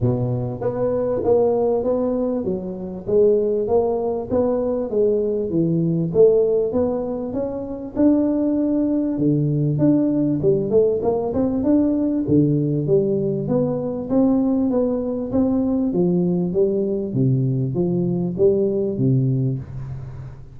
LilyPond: \new Staff \with { instrumentName = "tuba" } { \time 4/4 \tempo 4 = 98 b,4 b4 ais4 b4 | fis4 gis4 ais4 b4 | gis4 e4 a4 b4 | cis'4 d'2 d4 |
d'4 g8 a8 ais8 c'8 d'4 | d4 g4 b4 c'4 | b4 c'4 f4 g4 | c4 f4 g4 c4 | }